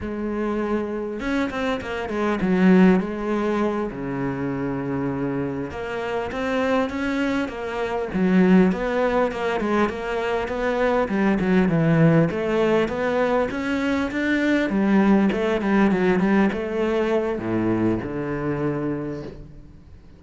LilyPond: \new Staff \with { instrumentName = "cello" } { \time 4/4 \tempo 4 = 100 gis2 cis'8 c'8 ais8 gis8 | fis4 gis4. cis4.~ | cis4. ais4 c'4 cis'8~ | cis'8 ais4 fis4 b4 ais8 |
gis8 ais4 b4 g8 fis8 e8~ | e8 a4 b4 cis'4 d'8~ | d'8 g4 a8 g8 fis8 g8 a8~ | a4 a,4 d2 | }